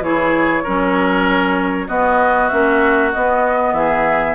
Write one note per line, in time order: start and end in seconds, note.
0.00 0.62 E3
0.00 0.65 E4
0.00 0.63 G#4
0.00 1.88 C#5
0.63 1.89 F#3
0.63 1.88 C#4
0.63 1.87 A#4
1.87 2.50 B3
1.87 2.51 B3
1.87 3.73 F#4
1.87 2.49 D#5
2.49 3.14 A#3
2.49 3.12 C#4
2.49 3.10 E5
3.12 3.72 B3
3.12 4.34 B3
3.12 3.74 D#5
3.72 4.34 E3
3.72 4.34 G#4
3.72 4.34 E5